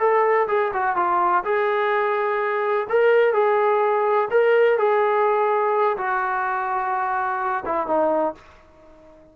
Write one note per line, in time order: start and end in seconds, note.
0.00 0.48 A4
0.48 0.72 G#4
0.74 0.97 F#4
0.97 1.44 F4
1.45 2.88 G#4
2.90 3.34 A#4
3.34 4.29 G#4
4.31 4.79 A#4
4.79 5.98 G#4
5.98 7.65 F#4
7.66 7.87 E4
7.87 8.35 D#4